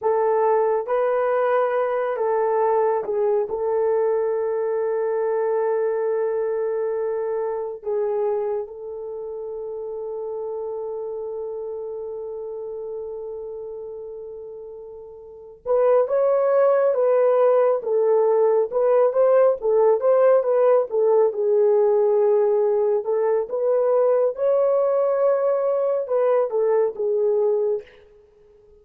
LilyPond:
\new Staff \with { instrumentName = "horn" } { \time 4/4 \tempo 4 = 69 a'4 b'4. a'4 gis'8 | a'1~ | a'4 gis'4 a'2~ | a'1~ |
a'2 b'8 cis''4 b'8~ | b'8 a'4 b'8 c''8 a'8 c''8 b'8 | a'8 gis'2 a'8 b'4 | cis''2 b'8 a'8 gis'4 | }